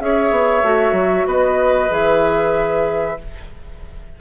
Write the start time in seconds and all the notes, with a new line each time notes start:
0.00 C#4 G#4 C#5 E5
0.31 B3
0.63 A3 F#4
0.92 F#3
1.26 B3 B4 D#5
1.90 E3 G#4 E5